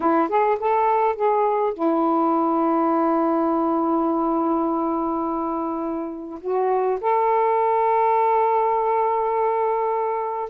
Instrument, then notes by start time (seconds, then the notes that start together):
saxophone
0.00 E4
0.28 G#4
0.59 A4
1.15 G#4
1.73 E4
6.41 F#4
7.00 A4